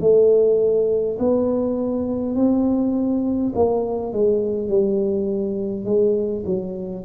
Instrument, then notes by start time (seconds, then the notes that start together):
tuba
0.00 A3
1.19 B3
2.35 C4
3.55 A#3
4.12 G#3
4.68 G3
5.84 G#3
6.45 F#3